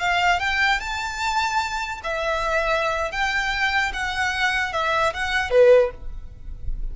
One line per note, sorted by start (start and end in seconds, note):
0.00 0.40 F5
0.40 0.80 G5
0.80 2.01 A5
2.04 3.12 E5
3.12 3.92 G5
3.93 4.73 F#5
4.73 5.13 E5
5.14 5.51 F#5
5.51 5.91 B4